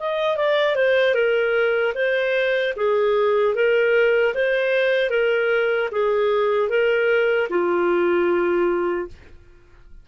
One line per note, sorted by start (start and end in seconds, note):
0.00 0.37 D#5
0.37 0.76 D5
0.76 1.15 C5
1.15 1.94 A#4
1.95 2.74 C5
2.77 3.55 G#4
3.55 4.34 A#4
4.35 5.11 C5
5.11 5.90 A#4
5.92 6.70 G#4
6.70 7.49 A#4
7.50 9.08 F4